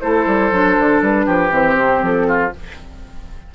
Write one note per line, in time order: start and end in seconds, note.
0.00 0.26 A3
0.00 0.52 E4
0.00 1.26 A4
0.00 1.01 C5
0.26 0.51 G3
0.51 0.77 F#3
0.51 1.50 D4
0.79 1.01 D3
1.01 1.26 G3
1.01 1.53 B4
1.26 1.50 F3
1.26 2.27 G4
1.50 1.75 E3
1.50 2.51 C4
1.50 2.04 C5
1.76 2.02 C3
2.02 2.53 F3
2.02 2.54 A4
2.28 2.53 F4